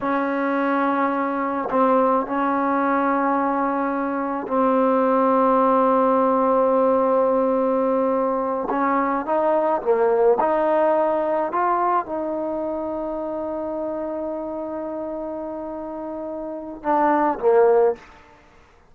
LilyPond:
\new Staff \with { instrumentName = "trombone" } { \time 4/4 \tempo 4 = 107 cis'2. c'4 | cis'1 | c'1~ | c'2.~ c'8 cis'8~ |
cis'8 dis'4 ais4 dis'4.~ | dis'8 f'4 dis'2~ dis'8~ | dis'1~ | dis'2 d'4 ais4 | }